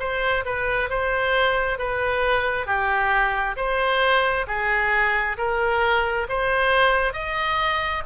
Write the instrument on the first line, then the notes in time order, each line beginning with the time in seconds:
oboe
0.00 C5
0.46 B4
0.90 C5
1.79 B4
2.67 G4
3.57 C5
4.48 G#4
5.38 A#4
6.29 C5
7.14 D#5